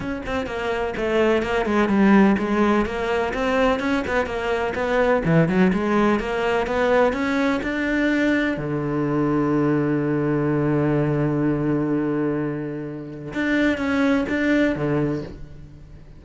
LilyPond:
\new Staff \with { instrumentName = "cello" } { \time 4/4 \tempo 4 = 126 cis'8 c'8 ais4 a4 ais8 gis8 | g4 gis4 ais4 c'4 | cis'8 b8 ais4 b4 e8 fis8 | gis4 ais4 b4 cis'4 |
d'2 d2~ | d1~ | d1 | d'4 cis'4 d'4 d4 | }